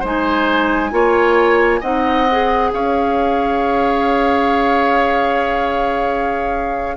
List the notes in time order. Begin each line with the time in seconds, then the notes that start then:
0.00 G#3 D#4 C5 G#5
0.91 A#3 F4 C#5
1.80 C4 D#4 D#5 F#5
2.31 G#4
2.73 C#4 C#5 F5